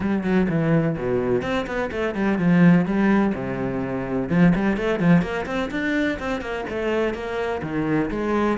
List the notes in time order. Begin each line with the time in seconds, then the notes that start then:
0.00 G3
0.23 F#3
0.49 E3
0.97 B2
1.42 C4
1.66 B3
1.91 A3
2.14 G3
2.38 F3
2.85 G3
3.34 C3
4.29 F3
4.55 G3
4.76 A3
4.99 F3
5.21 A#3
5.46 C4
5.70 D4
6.19 C4
6.41 A#3
6.69 A3
7.14 A#3
7.62 D#3
8.10 G#3